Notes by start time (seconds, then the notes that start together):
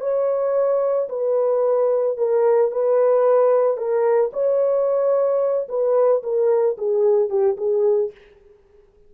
0.00 C#5
1.09 B4
2.17 A#4
2.71 B4
3.77 A#4
4.32 C#5
5.68 B4
6.23 A#4
6.77 G#4
7.29 G4
7.57 G#4